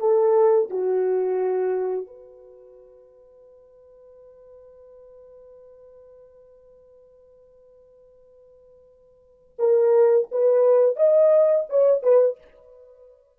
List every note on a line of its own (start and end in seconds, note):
0.00 0.70 A4
0.71 2.07 F#4
2.07 9.57 B4
9.59 10.29 A#4
10.32 10.97 B4
10.97 11.67 D#5
11.70 12.03 C#5
12.03 12.38 B4